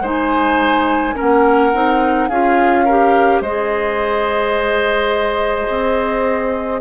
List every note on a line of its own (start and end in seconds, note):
0.00 1.13 G#3
0.00 1.14 D#4
0.00 1.15 C5
0.00 1.18 G#5
1.14 1.71 C#4
1.14 2.28 A#4
1.14 2.28 F#5
1.21 1.73 A#3
1.73 2.29 C4
1.73 2.29 D#4
2.28 3.41 C#4
2.28 2.87 F4
2.28 2.84 G#4
2.28 3.41 F5
2.84 3.45 G4
2.84 3.41 A#4
3.41 5.67 G#3
3.41 6.80 G#4
3.41 6.80 C5
3.41 6.80 D#5
5.68 6.80 C4